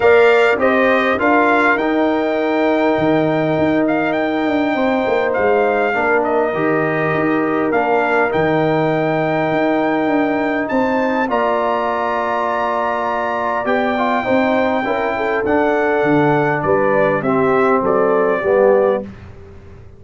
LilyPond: <<
  \new Staff \with { instrumentName = "trumpet" } { \time 4/4 \tempo 4 = 101 f''4 dis''4 f''4 g''4~ | g''2~ g''8 f''8 g''4~ | g''4 f''4. dis''4.~ | dis''4 f''4 g''2~ |
g''2 a''4 ais''4~ | ais''2. g''4~ | g''2 fis''2 | d''4 e''4 d''2 | }
  \new Staff \with { instrumentName = "horn" } { \time 4/4 d''4 c''4 ais'2~ | ais'1 | c''2 ais'2~ | ais'1~ |
ais'2 c''4 d''4~ | d''1 | c''4 ais'8 a'2~ a'8 | b'4 g'4 a'4 g'4 | }
  \new Staff \with { instrumentName = "trombone" } { \time 4/4 ais'4 g'4 f'4 dis'4~ | dis'1~ | dis'2 d'4 g'4~ | g'4 d'4 dis'2~ |
dis'2. f'4~ | f'2. g'8 f'8 | dis'4 e'4 d'2~ | d'4 c'2 b4 | }
  \new Staff \with { instrumentName = "tuba" } { \time 4/4 ais4 c'4 d'4 dis'4~ | dis'4 dis4 dis'4. d'8 | c'8 ais8 gis4 ais4 dis4 | dis'4 ais4 dis2 |
dis'4 d'4 c'4 ais4~ | ais2. b4 | c'4 cis'4 d'4 d4 | g4 c'4 fis4 g4 | }
>>